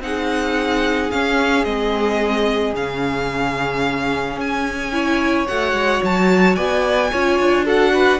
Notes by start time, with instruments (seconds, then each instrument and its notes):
0.00 cello C4, viola D#4, violin G#4 F#5
1.11 viola C#4, cello C#4, violin F5
1.64 cello G#3, viola C4, violin D#5
2.73 cello C#3, viola C#4, violin F5
4.37 cello C#4, violin G#5
4.92 viola E4, violin C#5
5.47 cello A3, viola F#4, violin F#5
5.73 cello G#3
6.03 cello F#3, violin A5
6.55 cello B3, violin D5 G#5
7.12 cello C#4, viola F4, violin C#5
7.39 cello D4
7.65 viola F#4, violin A4 F#5
7.93 violin B4